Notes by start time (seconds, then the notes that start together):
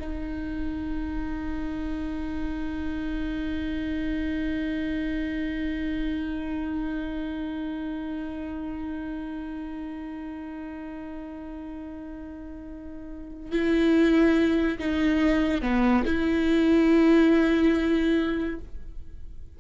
0.00 D#4
13.52 E4
14.79 D#4
15.62 B3
16.05 E4